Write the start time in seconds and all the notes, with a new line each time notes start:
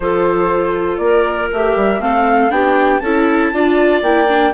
0.00 F3 F4 A4 C5
0.97 A#3 A#4 D5
1.52 A3 G4 E5
1.76 G3
1.99 A3 C4 A4 F5
2.49 B3 D4 G4 G5
2.99 C#4 E4 A4 A5
3.53 D4 F4 D5
4.02 A#3 E4 G5
4.28 D4